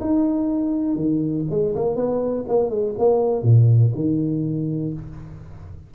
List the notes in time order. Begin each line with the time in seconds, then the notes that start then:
0.00 D#4
0.95 D#3
1.50 G#3
1.75 A#3
1.95 B3
2.47 A#3
2.69 G#3
2.98 A#3
3.42 A#2
3.95 D#3